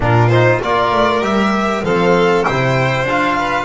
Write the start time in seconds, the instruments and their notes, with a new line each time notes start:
0.00 double bass A#2, trombone D4, violin F4 A#4
0.29 trombone D#4, violin C5
0.62 double bass A#3, trombone F4, violin A#4 D5
0.92 double bass A3
1.21 double bass G3, trombone G4, violin E5
1.83 double bass F3, trombone C4, violin A4 F5
2.43 double bass C3, trombone E4, violin C5 G5
3.03 double bass D4, trombone F4, violin F5
3.37 violin B4